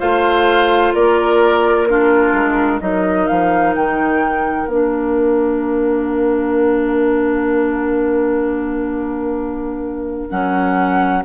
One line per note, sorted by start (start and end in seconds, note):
0.00 0.95 A3
0.00 1.88 F4
0.00 0.94 C5
0.00 0.94 F5
0.94 2.33 A#3
0.94 1.88 A#4
0.94 1.86 D5
1.86 2.81 D4
1.86 2.83 F4
1.86 2.80 A#4
2.33 2.80 G#3
2.81 3.28 F#3
2.81 4.68 D#4
2.81 11.25 A#4
2.81 3.27 D#5
3.27 3.76 F3
3.27 3.74 F5
3.76 4.65 D#3
3.76 4.68 G5
4.65 10.28 A#3
4.65 10.30 D4
4.65 10.29 F5
10.29 11.25 F#3
10.29 11.24 C#4
10.29 11.23 F#5